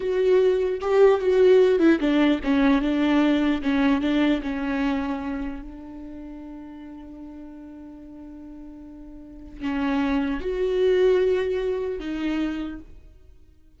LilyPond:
\new Staff \with { instrumentName = "viola" } { \time 4/4 \tempo 4 = 150 fis'2 g'4 fis'4~ | fis'8 e'8 d'4 cis'4 d'4~ | d'4 cis'4 d'4 cis'4~ | cis'2 d'2~ |
d'1~ | d'1 | cis'2 fis'2~ | fis'2 dis'2 | }